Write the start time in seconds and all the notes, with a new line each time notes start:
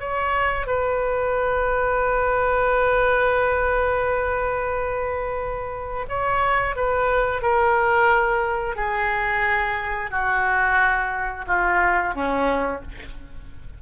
0.00 C#5
0.67 B4
6.09 C#5
6.76 B4
7.42 A#4
8.76 G#4
10.11 F#4
11.47 F4
12.15 C#4